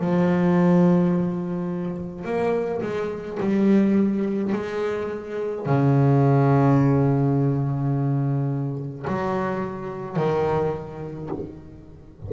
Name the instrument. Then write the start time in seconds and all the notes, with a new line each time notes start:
double bass
0.00 F3
2.25 A#3
2.82 G#3
3.41 G3
4.53 G#3
5.67 C#3
9.08 F#3
10.17 D#3